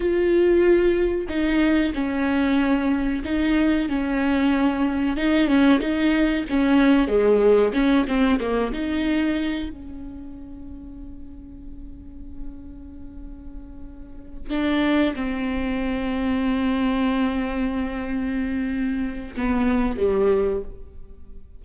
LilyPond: \new Staff \with { instrumentName = "viola" } { \time 4/4 \tempo 4 = 93 f'2 dis'4 cis'4~ | cis'4 dis'4 cis'2 | dis'8 cis'8 dis'4 cis'4 gis4 | cis'8 c'8 ais8 dis'4. cis'4~ |
cis'1~ | cis'2~ cis'8 d'4 c'8~ | c'1~ | c'2 b4 g4 | }